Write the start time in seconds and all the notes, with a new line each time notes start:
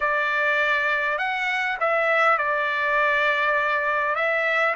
0.00 D5
1.18 F#5
1.80 E5
2.38 D5
4.15 E5